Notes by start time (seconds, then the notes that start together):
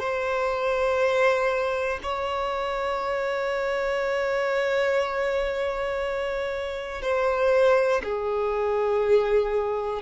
0.00 C5
2.03 C#5
7.02 C5
8.04 G#4